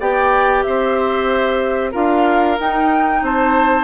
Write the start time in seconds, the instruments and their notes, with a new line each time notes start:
0.00 bassoon B3, clarinet G4, oboe D5, flute G5
0.63 bassoon C4, oboe C5, flute E5
1.92 bassoon D4, clarinet F4, oboe A#4, flute F5
2.58 clarinet D#4, bassoon D#4, flute G5
3.23 bassoon C4, oboe C5, flute A5